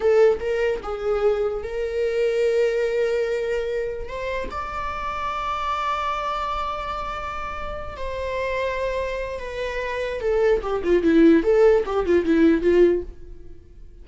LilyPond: \new Staff \with { instrumentName = "viola" } { \time 4/4 \tempo 4 = 147 a'4 ais'4 gis'2 | ais'1~ | ais'2 c''4 d''4~ | d''1~ |
d''2.~ d''8 c''8~ | c''2. b'4~ | b'4 a'4 g'8 f'8 e'4 | a'4 g'8 f'8 e'4 f'4 | }